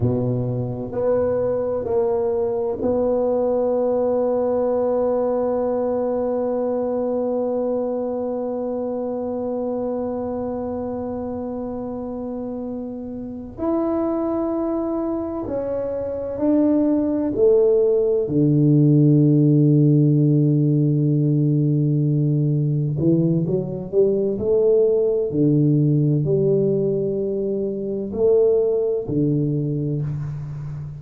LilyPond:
\new Staff \with { instrumentName = "tuba" } { \time 4/4 \tempo 4 = 64 b,4 b4 ais4 b4~ | b1~ | b1~ | b2~ b8 e'4.~ |
e'8 cis'4 d'4 a4 d8~ | d1~ | d8 e8 fis8 g8 a4 d4 | g2 a4 d4 | }